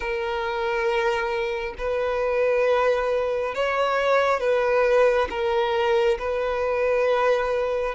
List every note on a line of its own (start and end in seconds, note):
0.00 1.74 A#4
1.78 3.54 B4
3.55 4.40 C#5
4.40 5.28 B4
5.29 6.18 A#4
6.18 7.95 B4